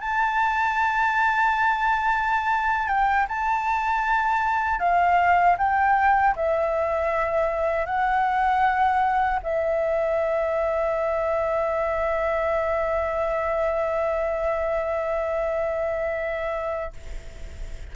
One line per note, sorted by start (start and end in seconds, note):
0.00 2.88 A5
2.88 3.26 G5
3.28 4.79 A5
4.79 5.56 F5
5.58 6.35 G5
6.36 7.86 E5
7.86 9.40 F#5
9.43 16.93 E5